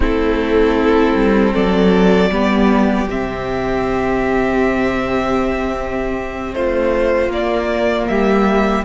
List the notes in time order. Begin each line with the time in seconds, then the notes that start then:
0.00 A3 C4 E4 A4
1.15 G3
1.53 F#3 A4 D5
2.29 G3 B3 G4
3.08 C3 C4 E5
6.54 A3 F4 C5
7.27 A#3 D5
8.07 G3 G4 E5